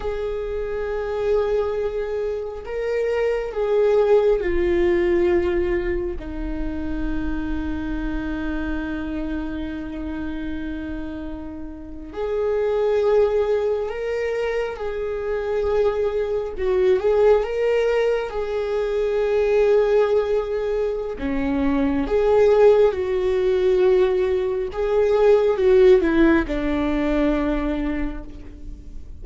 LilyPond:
\new Staff \with { instrumentName = "viola" } { \time 4/4 \tempo 4 = 68 gis'2. ais'4 | gis'4 f'2 dis'4~ | dis'1~ | dis'4.~ dis'16 gis'2 ais'16~ |
ais'8. gis'2 fis'8 gis'8 ais'16~ | ais'8. gis'2.~ gis'16 | cis'4 gis'4 fis'2 | gis'4 fis'8 e'8 d'2 | }